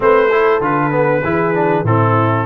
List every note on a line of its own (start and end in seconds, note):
0.00 0.61 A3
0.00 0.28 C4
0.00 0.30 B4
0.00 0.63 C5
0.30 0.61 E4
0.30 1.23 A4
0.61 1.22 D3
0.61 0.91 F4
0.61 1.85 B4
0.91 1.22 B3
1.23 1.83 E3
1.23 1.54 E4
1.23 1.84 G#4
1.54 1.85 D4
1.83 2.45 A2
1.83 2.46 C4
1.83 2.46 E4
1.83 2.46 A4